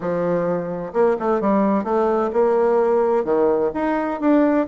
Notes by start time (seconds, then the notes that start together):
0.00 F3
0.93 A#3
1.19 A3
1.41 G3
1.84 A3
2.33 A#3
3.24 D#3
3.74 D#4
4.20 D4